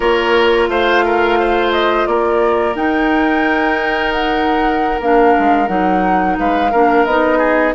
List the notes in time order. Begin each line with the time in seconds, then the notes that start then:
0.00 A#3 F4 A#4 C#5
0.68 A3 C5 F5
1.05 A#4
1.39 C5
1.72 D#5
2.06 A#3 A#4 D5
2.75 D#4 G5
4.12 F#5
5.00 A#3 D4 F5
5.38 G#3
5.66 F#3 D#4 F#5
6.39 G#3 B4 F5
6.71 A#3 D4 A#4
7.05 B3 D#4 D#5
7.38 G#4